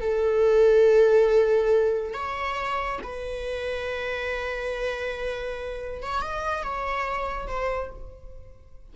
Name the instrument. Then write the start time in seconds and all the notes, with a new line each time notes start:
viola
0.00 A4
2.13 C#5
3.03 B4
6.02 C#5
6.21 D#5
6.63 C#5
7.47 C5